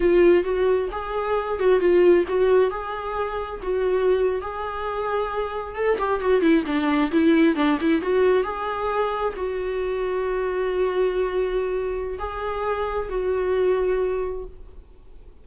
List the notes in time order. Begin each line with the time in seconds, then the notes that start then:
0.00 F4
0.43 F#4
0.91 G#4
1.59 F#4
1.79 F4
2.28 F#4
2.70 G#4
3.62 F#4
4.41 G#4
5.75 A4
5.98 G4
6.20 F#4
6.41 E4
6.66 D4
7.11 E4
7.55 D4
7.80 E4
8.01 F#4
8.43 G#4
9.36 F#4
12.18 G#4
13.09 F#4